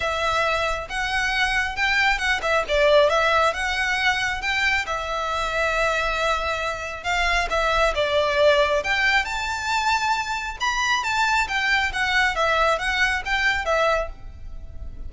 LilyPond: \new Staff \with { instrumentName = "violin" } { \time 4/4 \tempo 4 = 136 e''2 fis''2 | g''4 fis''8 e''8 d''4 e''4 | fis''2 g''4 e''4~ | e''1 |
f''4 e''4 d''2 | g''4 a''2. | b''4 a''4 g''4 fis''4 | e''4 fis''4 g''4 e''4 | }